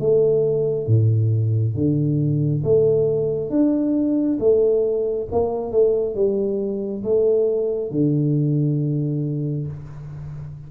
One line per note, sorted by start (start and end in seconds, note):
0.00 0.87 A3
0.87 1.75 A2
1.75 2.63 D3
2.64 3.50 A3
3.50 4.38 D4
4.40 5.28 A3
5.32 5.72 A#3
5.72 6.15 A3
6.15 7.03 G3
7.03 7.91 A3
7.91 9.67 D3